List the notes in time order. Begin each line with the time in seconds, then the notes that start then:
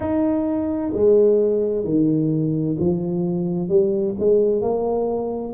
0.00 D#4
0.93 G#3
1.84 D#3
2.79 F3
3.68 G3
4.19 G#3
4.62 A#3